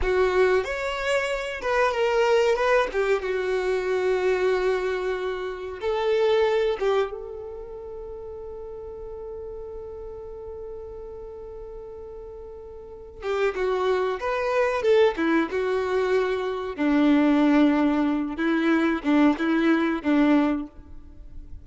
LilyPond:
\new Staff \with { instrumentName = "violin" } { \time 4/4 \tempo 4 = 93 fis'4 cis''4. b'8 ais'4 | b'8 g'8 fis'2.~ | fis'4 a'4. g'8 a'4~ | a'1~ |
a'1~ | a'8 g'8 fis'4 b'4 a'8 e'8 | fis'2 d'2~ | d'8 e'4 d'8 e'4 d'4 | }